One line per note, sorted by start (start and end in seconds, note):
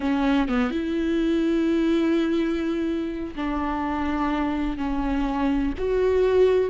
0.00 0.48 C#4
0.48 0.71 B3
0.71 3.35 E4
3.35 4.77 D4
4.77 5.73 C#4
5.77 6.70 F#4